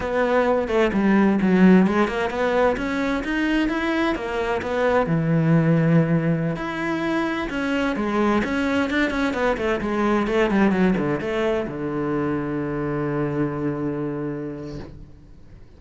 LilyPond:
\new Staff \with { instrumentName = "cello" } { \time 4/4 \tempo 4 = 130 b4. a8 g4 fis4 | gis8 ais8 b4 cis'4 dis'4 | e'4 ais4 b4 e4~ | e2~ e16 e'4.~ e'16~ |
e'16 cis'4 gis4 cis'4 d'8 cis'16~ | cis'16 b8 a8 gis4 a8 g8 fis8 d16~ | d16 a4 d2~ d8.~ | d1 | }